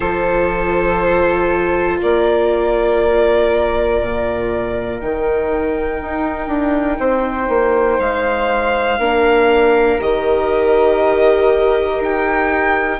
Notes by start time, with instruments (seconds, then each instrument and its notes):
0.00 bassoon F3, viola F4, flute A4, violin C5
1.98 bassoon A#3, flute A#4, violin D5
4.01 bassoon A#2
5.00 bassoon D#3, viola D#4, violin G5
6.01 bassoon D#4
6.47 bassoon D4
6.99 bassoon C4, flute C5
7.48 bassoon A#3
7.99 bassoon G#3, violin F5
8.98 bassoon A#3, viola D4, flute A#4
9.99 bassoon D#3, viola G4, violin D#5
12.00 bassoon D#4, violin G5